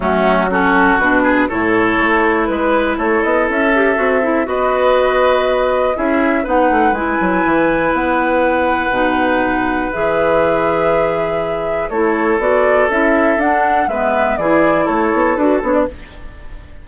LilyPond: <<
  \new Staff \with { instrumentName = "flute" } { \time 4/4 \tempo 4 = 121 fis'4 a'4 b'4 cis''4~ | cis''4 b'4 cis''8 dis''8 e''4~ | e''4 dis''2. | e''4 fis''4 gis''2 |
fis''1 | e''1 | cis''4 d''4 e''4 fis''4 | e''4 d''4 cis''4 b'8 cis''16 d''16 | }
  \new Staff \with { instrumentName = "oboe" } { \time 4/4 cis'4 fis'4. gis'8 a'4~ | a'4 b'4 a'2~ | a'4 b'2. | gis'4 b'2.~ |
b'1~ | b'1 | a'1 | b'4 gis'4 a'2 | }
  \new Staff \with { instrumentName = "clarinet" } { \time 4/4 a4 cis'4 d'4 e'4~ | e'2.~ e'8 g'8 | fis'8 e'8 fis'2. | e'4 dis'4 e'2~ |
e'2 dis'2 | gis'1 | e'4 fis'4 e'4 d'4 | b4 e'2 fis'8 d'8 | }
  \new Staff \with { instrumentName = "bassoon" } { \time 4/4 fis2 b,4 a,4 | a4 gis4 a8 b8 cis'4 | c'4 b2. | cis'4 b8 a8 gis8 fis8 e4 |
b2 b,2 | e1 | a4 b4 cis'4 d'4 | gis4 e4 a8 b8 d'8 b8 | }
>>